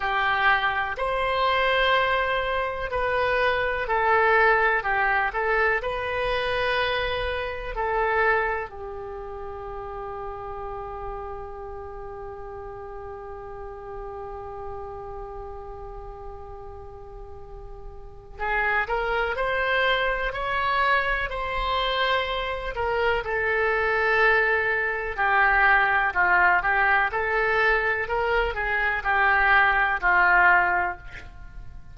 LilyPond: \new Staff \with { instrumentName = "oboe" } { \time 4/4 \tempo 4 = 62 g'4 c''2 b'4 | a'4 g'8 a'8 b'2 | a'4 g'2.~ | g'1~ |
g'2. gis'8 ais'8 | c''4 cis''4 c''4. ais'8 | a'2 g'4 f'8 g'8 | a'4 ais'8 gis'8 g'4 f'4 | }